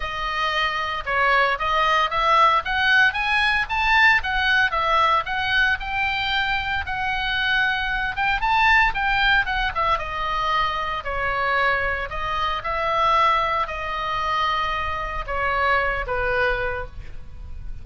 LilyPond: \new Staff \with { instrumentName = "oboe" } { \time 4/4 \tempo 4 = 114 dis''2 cis''4 dis''4 | e''4 fis''4 gis''4 a''4 | fis''4 e''4 fis''4 g''4~ | g''4 fis''2~ fis''8 g''8 |
a''4 g''4 fis''8 e''8 dis''4~ | dis''4 cis''2 dis''4 | e''2 dis''2~ | dis''4 cis''4. b'4. | }